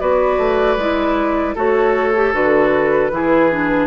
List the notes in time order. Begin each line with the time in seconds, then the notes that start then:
0.00 B3 F#4 B4 D5
0.38 A3
0.77 G#3 E4
1.55 A3 F#4 A4 C#5
2.15 G4
2.33 D3 F#4 B4
3.11 E3 E4 G#4
3.51 D4